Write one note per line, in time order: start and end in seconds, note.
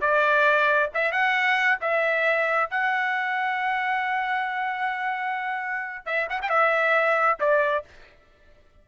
0.00 0.90 D5
0.94 1.11 E5
1.11 1.78 F#5
1.81 2.70 E5
2.70 6.05 F#5
6.05 6.28 E5
6.29 6.40 F#5
6.41 6.49 G5
6.49 7.38 E5
7.39 7.84 D5